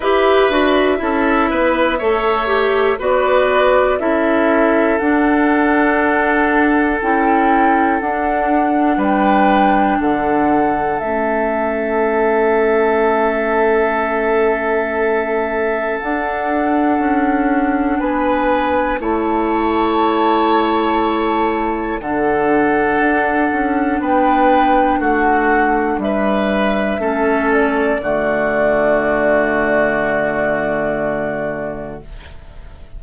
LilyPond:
<<
  \new Staff \with { instrumentName = "flute" } { \time 4/4 \tempo 4 = 60 e''2. d''4 | e''4 fis''2 g''4 | fis''4 g''4 fis''4 e''4~ | e''1 |
fis''2 gis''4 a''4~ | a''2 fis''2 | g''4 fis''4 e''4. d''8~ | d''1 | }
  \new Staff \with { instrumentName = "oboe" } { \time 4/4 b'4 a'8 b'8 cis''4 b'4 | a'1~ | a'4 b'4 a'2~ | a'1~ |
a'2 b'4 cis''4~ | cis''2 a'2 | b'4 fis'4 b'4 a'4 | fis'1 | }
  \new Staff \with { instrumentName = "clarinet" } { \time 4/4 g'8 fis'8 e'4 a'8 g'8 fis'4 | e'4 d'2 e'4 | d'2. cis'4~ | cis'1 |
d'2. e'4~ | e'2 d'2~ | d'2. cis'4 | a1 | }
  \new Staff \with { instrumentName = "bassoon" } { \time 4/4 e'8 d'8 cis'8 b8 a4 b4 | cis'4 d'2 cis'4 | d'4 g4 d4 a4~ | a1 |
d'4 cis'4 b4 a4~ | a2 d4 d'8 cis'8 | b4 a4 g4 a4 | d1 | }
>>